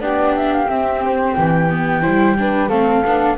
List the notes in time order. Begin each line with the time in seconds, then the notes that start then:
0.00 B3 D4 G4 D5
0.36 E5
0.53 F5
0.66 C4 E5
1.05 C5
1.35 E3 G5
1.70 B3
2.02 G3 E4 C5
2.39 D4 B4
2.69 A3 C4 A4 F5
3.05 B3 D4